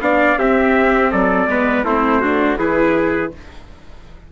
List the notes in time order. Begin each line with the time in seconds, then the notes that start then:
0.00 B3 D4 D5 F5
0.37 C4 G4 E5
1.11 F#3 A4 D5
1.47 G#3 B3 B4
1.83 A3 C4 E4 C5
2.21 D4 F#4
2.59 E3 E4 G#4 B4